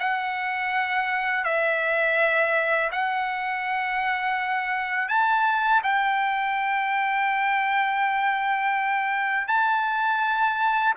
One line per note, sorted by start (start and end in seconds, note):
0.00 1.44 F#5
1.44 2.91 E5
2.92 5.09 F#5
5.09 5.82 A5
5.83 9.48 G5
9.48 10.94 A5